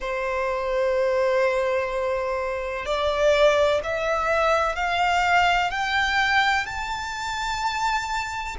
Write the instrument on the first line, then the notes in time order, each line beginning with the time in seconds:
violin
0.00 C5
2.85 D5
3.83 E5
4.75 F5
5.71 G5
6.65 A5